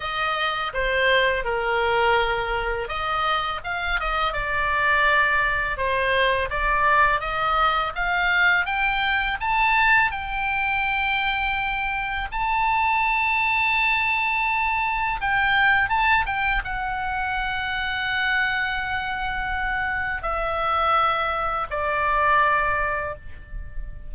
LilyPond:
\new Staff \with { instrumentName = "oboe" } { \time 4/4 \tempo 4 = 83 dis''4 c''4 ais'2 | dis''4 f''8 dis''8 d''2 | c''4 d''4 dis''4 f''4 | g''4 a''4 g''2~ |
g''4 a''2.~ | a''4 g''4 a''8 g''8 fis''4~ | fis''1 | e''2 d''2 | }